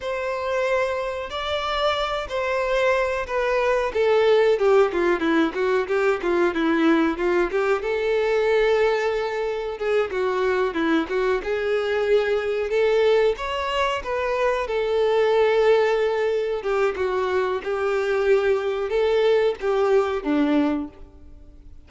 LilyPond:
\new Staff \with { instrumentName = "violin" } { \time 4/4 \tempo 4 = 92 c''2 d''4. c''8~ | c''4 b'4 a'4 g'8 f'8 | e'8 fis'8 g'8 f'8 e'4 f'8 g'8 | a'2. gis'8 fis'8~ |
fis'8 e'8 fis'8 gis'2 a'8~ | a'8 cis''4 b'4 a'4.~ | a'4. g'8 fis'4 g'4~ | g'4 a'4 g'4 d'4 | }